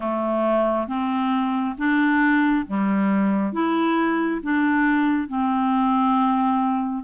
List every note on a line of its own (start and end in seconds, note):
0.00 0.87 A3
0.87 1.76 C4
1.78 2.66 D4
2.66 3.52 G3
3.52 4.40 E4
4.42 5.28 D4
5.28 7.03 C4